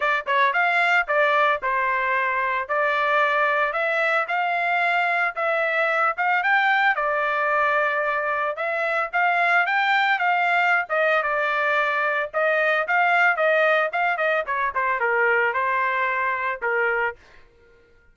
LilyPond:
\new Staff \with { instrumentName = "trumpet" } { \time 4/4 \tempo 4 = 112 d''8 cis''8 f''4 d''4 c''4~ | c''4 d''2 e''4 | f''2 e''4. f''8 | g''4 d''2. |
e''4 f''4 g''4 f''4~ | f''16 dis''8. d''2 dis''4 | f''4 dis''4 f''8 dis''8 cis''8 c''8 | ais'4 c''2 ais'4 | }